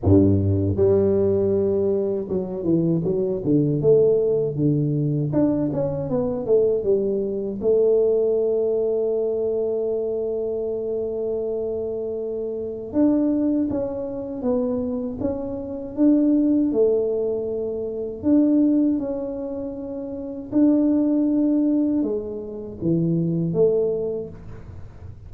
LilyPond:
\new Staff \with { instrumentName = "tuba" } { \time 4/4 \tempo 4 = 79 g,4 g2 fis8 e8 | fis8 d8 a4 d4 d'8 cis'8 | b8 a8 g4 a2~ | a1~ |
a4 d'4 cis'4 b4 | cis'4 d'4 a2 | d'4 cis'2 d'4~ | d'4 gis4 e4 a4 | }